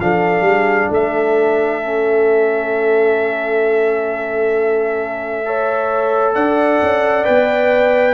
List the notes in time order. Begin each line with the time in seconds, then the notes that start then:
0.00 F3 D4 A4 F5
0.41 G3
0.47 G#4
0.90 A3 A4 E5
1.82 C#4
5.45 A4 C#5
6.35 D4 D5 F#5
6.82 C#4
7.25 B3 B4 G5